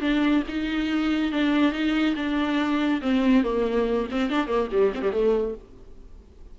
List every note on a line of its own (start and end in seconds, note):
0.00 0.43 D4
0.48 1.32 D#4
1.32 1.72 D4
1.72 2.14 D#4
2.15 3.00 D4
3.01 3.43 C4
3.43 4.07 A#3
4.10 4.29 C4
4.29 4.46 D4
4.46 4.68 A#3
4.71 4.93 G3
4.94 5.01 C4
5.01 5.12 G3
5.12 5.54 A3